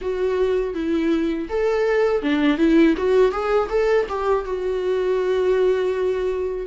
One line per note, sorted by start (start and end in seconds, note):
0.01 0.74 F#4
0.74 1.48 E4
1.49 2.22 A4
2.22 2.57 D4
2.57 2.94 E4
2.97 3.31 F#4
3.31 3.68 G#4
3.69 4.06 A4
4.08 4.44 G4
4.44 6.66 F#4